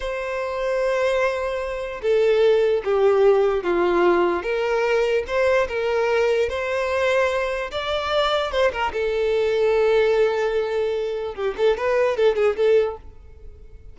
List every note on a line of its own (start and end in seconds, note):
0.00 2.01 C5
2.01 2.82 A4
2.84 3.63 G4
3.63 4.42 F4
4.42 5.24 A#4
5.27 5.67 C5
5.68 6.49 A#4
6.49 7.70 C5
7.71 8.51 D5
8.51 8.71 C5
8.71 8.92 A#4
8.92 11.34 A4
11.34 11.54 G4
11.57 11.77 A4
11.77 12.16 B4
12.16 12.35 A4
12.35 12.56 G#4
12.56 12.96 A4